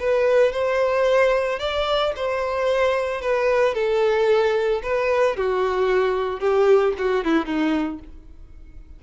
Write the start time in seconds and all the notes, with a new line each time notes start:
0.00 B4
0.53 C5
1.60 D5
2.16 C5
3.22 B4
3.75 A4
4.83 B4
5.37 F#4
6.40 G4
6.98 F#4
7.25 E4
7.46 D#4